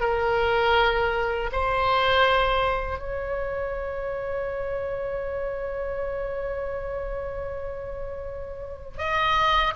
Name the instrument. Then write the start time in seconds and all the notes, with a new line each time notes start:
oboe
0.00 A#4
1.52 C5
2.99 C#5
8.98 D#5